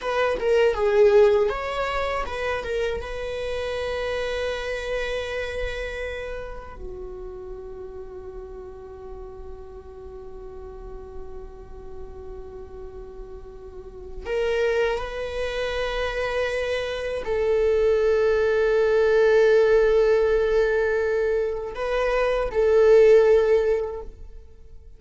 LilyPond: \new Staff \with { instrumentName = "viola" } { \time 4/4 \tempo 4 = 80 b'8 ais'8 gis'4 cis''4 b'8 ais'8 | b'1~ | b'4 fis'2.~ | fis'1~ |
fis'2. ais'4 | b'2. a'4~ | a'1~ | a'4 b'4 a'2 | }